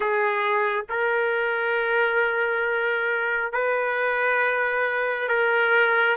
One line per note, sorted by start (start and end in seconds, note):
0.00 0.85 G#4
0.89 3.52 A#4
3.52 5.28 B4
5.28 6.16 A#4